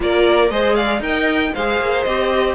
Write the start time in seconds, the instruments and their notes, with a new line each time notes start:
0.00 cello A#3, viola F4, violin A#4 D5
0.50 cello G#3, viola G#4, violin C5 D#5
0.75 violin D5 F5
1.00 cello D#4, viola A#4, violin D#5 G5
1.54 cello G#3, viola G#4, violin C5 F5
1.79 cello A#3
2.03 cello C4, viola G4, violin D#5